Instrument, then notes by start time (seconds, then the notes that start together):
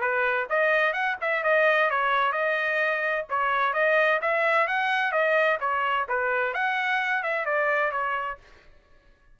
trumpet
0.00 B4
0.49 D#5
0.93 F#5
1.21 E5
1.43 D#5
1.90 C#5
2.32 D#5
3.29 C#5
3.73 D#5
4.21 E5
4.67 F#5
5.11 D#5
5.60 C#5
6.08 B4
6.53 F#5
7.22 E5
7.45 D5
7.91 C#5